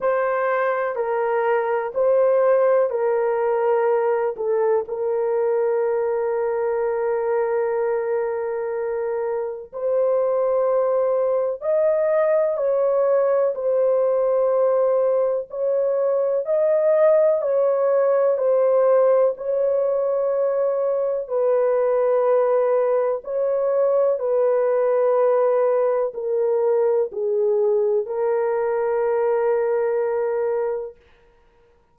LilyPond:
\new Staff \with { instrumentName = "horn" } { \time 4/4 \tempo 4 = 62 c''4 ais'4 c''4 ais'4~ | ais'8 a'8 ais'2.~ | ais'2 c''2 | dis''4 cis''4 c''2 |
cis''4 dis''4 cis''4 c''4 | cis''2 b'2 | cis''4 b'2 ais'4 | gis'4 ais'2. | }